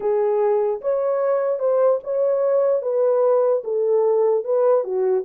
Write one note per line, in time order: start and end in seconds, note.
0.00 0.80 G#4
0.81 1.59 C#5
1.59 1.99 C5
2.03 2.82 C#5
2.82 3.62 B4
3.64 4.44 A4
4.44 4.84 B4
4.84 5.24 F#4